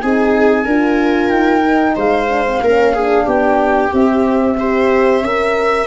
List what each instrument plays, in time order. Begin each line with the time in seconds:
0.00 tuba C4, horn D#4, viola G#4, flute G#5
0.64 tuba D4, horn F4, viola A#4
1.29 tuba D#4, flute G5
1.63 horn D#4
1.95 tuba G#3, viola C5, flute F5
2.29 horn D4
2.46 horn C4
2.61 tuba A#3, horn C#4, viola A#4
2.93 horn D4, viola G#4
3.25 tuba B3, viola G4, flute G5
3.91 horn C4, tuba C4, flute E5
4.59 horn G4, viola C5
5.21 tuba C#4, horn A#4, viola E5